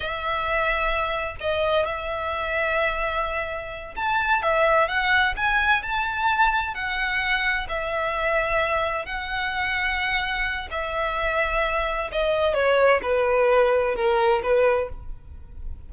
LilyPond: \new Staff \with { instrumentName = "violin" } { \time 4/4 \tempo 4 = 129 e''2. dis''4 | e''1~ | e''8 a''4 e''4 fis''4 gis''8~ | gis''8 a''2 fis''4.~ |
fis''8 e''2. fis''8~ | fis''2. e''4~ | e''2 dis''4 cis''4 | b'2 ais'4 b'4 | }